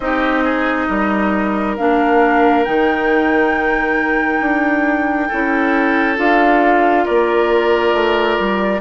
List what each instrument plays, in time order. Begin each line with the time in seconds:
0.00 bassoon C4, clarinet D#4, oboe G4, flute D#5
0.44 oboe G#4
0.87 bassoon G3, oboe A#4
1.76 bassoon A#3, clarinet D4, flute F5
2.64 bassoon D#3, clarinet D#4, flute G5
4.40 bassoon D4
5.28 bassoon C#4, clarinet E4, oboe A4
6.15 bassoon D4, clarinet F4, flute F5
7.04 bassoon A#3, oboe A#4, flute D5
7.93 bassoon A3
8.39 bassoon G3